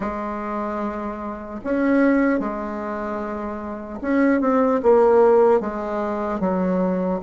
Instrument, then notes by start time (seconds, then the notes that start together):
bassoon
0.00 G#3
1.64 C#4
2.39 G#3
4.01 C#4
4.40 C4
4.83 A#3
5.60 G#3
6.40 F#3